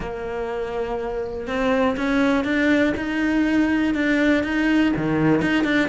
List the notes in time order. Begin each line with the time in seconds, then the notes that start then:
0.00 A#3
1.47 C4
1.96 C#4
2.44 D4
2.96 D#4
3.94 D4
4.43 D#4
4.96 D#3
5.41 D#4
5.64 D4